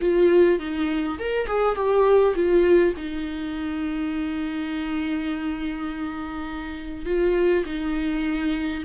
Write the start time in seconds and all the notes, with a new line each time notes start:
0.01 F4
0.59 D#4
1.18 A#4
1.47 G#4
1.75 G4
2.35 F4
2.96 D#4
7.05 F4
7.65 D#4